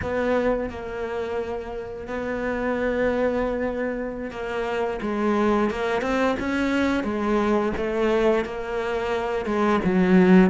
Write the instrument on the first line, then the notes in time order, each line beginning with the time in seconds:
cello
0.02 B3
0.69 A#3
2.07 B3
4.30 A#3
5.01 G#3
5.70 A#3
6.01 C4
6.39 C#4
7.03 G#3
7.76 A3
8.44 A#3
9.45 G#3
9.84 F#3